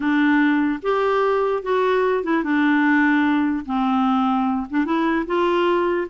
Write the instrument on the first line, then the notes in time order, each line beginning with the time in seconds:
clarinet
0.00 D4
0.82 G4
1.62 F#4
2.23 E4
2.43 D4
3.65 C4
4.70 D4
4.85 E4
5.26 F4